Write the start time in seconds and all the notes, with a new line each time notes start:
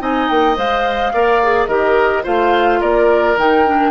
0.00 C4 D#4 D#5 G#5
0.28 A#3 G5
0.56 G#3 C5 F5
1.13 A#3 A#4 D5
1.43 G#4
1.67 D#3 G4 A#4 D#5
2.24 A3 F4 C5 F5
2.80 A#3 A#4 D5
3.37 D#3 D#4 G5
3.66 D4